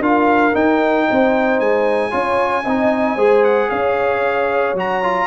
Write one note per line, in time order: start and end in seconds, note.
0.00 0.53 D4
0.00 0.54 F4
0.00 1.07 A#4
0.00 0.55 F5
0.54 2.11 D#4
0.54 1.07 D#4
0.54 1.60 G5
1.08 1.60 C4
1.08 2.10 C5
1.60 2.12 G#3
1.60 3.44 G#5
2.10 2.66 C#4
2.10 2.64 F4
2.10 2.63 C#5
2.64 3.16 C4
2.64 3.18 D#4
2.64 3.15 D#5
3.15 3.69 G#3
3.15 4.76 G#4
3.15 3.68 C5
3.44 3.70 F#5
3.70 4.74 C#4
3.70 5.27 C#5
3.70 4.75 F5
4.74 5.26 F#3
4.74 5.03 F#4
4.74 5.27 A#5
5.03 5.27 F4